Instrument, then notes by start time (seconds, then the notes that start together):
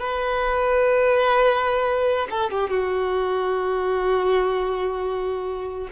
violin
0.00 B4
2.30 A4
2.51 G4
2.70 F#4